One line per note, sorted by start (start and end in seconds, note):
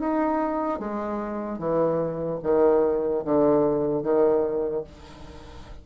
0.00 0.80 D#4
0.80 1.59 G#3
1.59 2.40 E3
2.43 3.24 D#3
3.25 4.03 D3
4.03 4.84 D#3